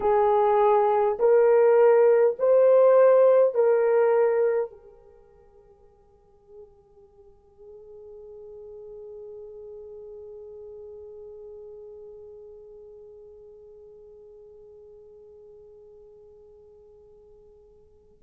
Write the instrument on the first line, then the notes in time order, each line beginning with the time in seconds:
horn
0.00 G#4
1.19 A#4
2.39 C5
3.54 A#4
4.70 G#4